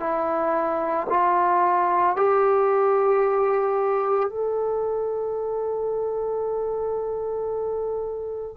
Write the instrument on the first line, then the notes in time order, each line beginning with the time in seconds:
trombone
0.00 E4
1.10 F4
2.16 G4
4.30 A4